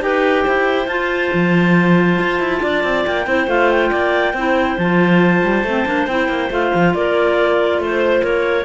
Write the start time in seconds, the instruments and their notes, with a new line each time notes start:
0.00 cello D#4, clarinet G4 B4 G5
0.43 cello E4, clarinet C5
0.87 cello F4, clarinet F4 A5
1.33 cello F3
2.19 cello F4
2.40 cello E4
2.62 cello D4, clarinet D5
2.83 cello C4
3.06 cello A#3, clarinet G5
3.26 cello C4, clarinet E4 C5
3.47 cello A3, clarinet F4 F5
3.70 clarinet G5
3.90 cello A#3, clarinet D5
4.33 cello C4, clarinet E4 C5
4.78 cello F3, clarinet F4 A5
5.43 cello G3
5.63 cello A3, clarinet C4
5.86 cello A#3, clarinet D4
6.07 cello C4, clarinet E4 G5
6.28 cello A#3
6.50 cello A3, clarinet F4 F5
6.74 cello F3
6.94 cello A#3, clarinet A#4 D5
7.78 cello A3, clarinet C5
8.22 cello A#3, clarinet A#4 C#5